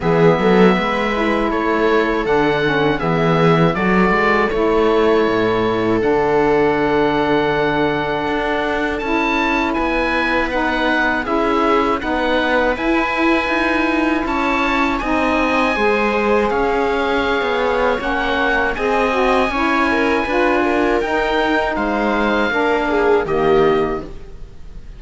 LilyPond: <<
  \new Staff \with { instrumentName = "oboe" } { \time 4/4 \tempo 4 = 80 e''2 cis''4 fis''4 | e''4 d''4 cis''2 | fis''1 | a''4 gis''4 fis''4 e''4 |
fis''4 gis''2 a''4 | gis''2 f''2 | fis''4 gis''2. | g''4 f''2 dis''4 | }
  \new Staff \with { instrumentName = "viola" } { \time 4/4 gis'8 a'8 b'4 a'2 | gis'4 a'2.~ | a'1~ | a'4 b'2 gis'4 |
b'2. cis''4 | dis''4 c''4 cis''2~ | cis''4 dis''4 cis''8 ais'8 b'8 ais'8~ | ais'4 c''4 ais'8 gis'8 g'4 | }
  \new Staff \with { instrumentName = "saxophone" } { \time 4/4 b4. e'4. d'8 cis'8 | b4 fis'4 e'2 | d'1 | e'2 dis'4 e'4 |
dis'4 e'2. | dis'4 gis'2. | cis'4 gis'8 fis'8 e'4 f'4 | dis'2 d'4 ais4 | }
  \new Staff \with { instrumentName = "cello" } { \time 4/4 e8 fis8 gis4 a4 d4 | e4 fis8 gis8 a4 a,4 | d2. d'4 | cis'4 b2 cis'4 |
b4 e'4 dis'4 cis'4 | c'4 gis4 cis'4~ cis'16 b8. | ais4 c'4 cis'4 d'4 | dis'4 gis4 ais4 dis4 | }
>>